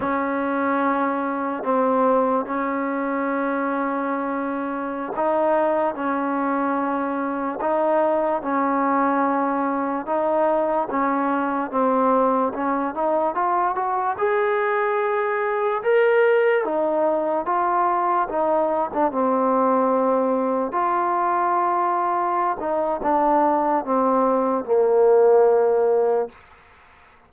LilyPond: \new Staff \with { instrumentName = "trombone" } { \time 4/4 \tempo 4 = 73 cis'2 c'4 cis'4~ | cis'2~ cis'16 dis'4 cis'8.~ | cis'4~ cis'16 dis'4 cis'4.~ cis'16~ | cis'16 dis'4 cis'4 c'4 cis'8 dis'16~ |
dis'16 f'8 fis'8 gis'2 ais'8.~ | ais'16 dis'4 f'4 dis'8. d'16 c'8.~ | c'4~ c'16 f'2~ f'16 dis'8 | d'4 c'4 ais2 | }